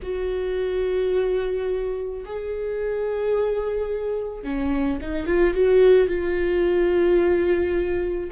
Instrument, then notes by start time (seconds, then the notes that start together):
viola
0.02 F#4
2.25 G#4
4.43 C#4
5.01 D#4
5.26 F4
5.54 F#4
6.08 F4